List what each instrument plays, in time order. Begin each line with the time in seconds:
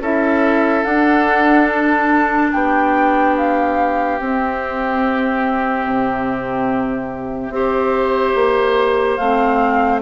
0.00 bassoon C#4, clarinet E4, oboe A4, flute E5
0.84 bassoon D4, clarinet D4, flute F#5
1.70 flute A5
2.53 bassoon B3, oboe G4, flute G5
3.36 flute F5
4.18 bassoon C4, clarinet C4, flute E5
5.86 bassoon C3
7.50 bassoon C4, clarinet G4, oboe C5
8.35 bassoon A#3
9.16 bassoon A3, clarinet C4, flute F5